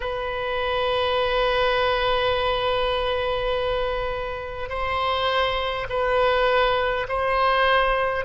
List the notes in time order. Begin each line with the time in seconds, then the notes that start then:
0.00 B4
4.68 C5
5.89 B4
7.08 C5